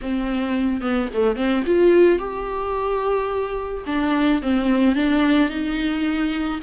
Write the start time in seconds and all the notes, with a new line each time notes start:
0.01 C4
0.81 B3
1.13 A3
1.36 C4
1.66 F4
2.19 G4
3.86 D4
4.42 C4
4.95 D4
5.49 D#4